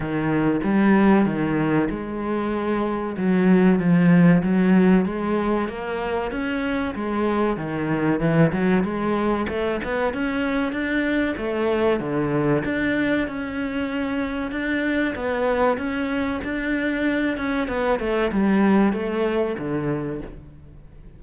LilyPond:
\new Staff \with { instrumentName = "cello" } { \time 4/4 \tempo 4 = 95 dis4 g4 dis4 gis4~ | gis4 fis4 f4 fis4 | gis4 ais4 cis'4 gis4 | dis4 e8 fis8 gis4 a8 b8 |
cis'4 d'4 a4 d4 | d'4 cis'2 d'4 | b4 cis'4 d'4. cis'8 | b8 a8 g4 a4 d4 | }